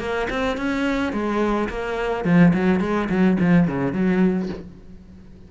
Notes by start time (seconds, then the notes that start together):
0.00 A#3
0.30 C4
0.57 C#4
1.13 G#3
1.69 A#3
2.25 F3
2.54 F#3
2.80 G#3
3.09 F#3
3.40 F3
3.68 C#3
3.93 F#3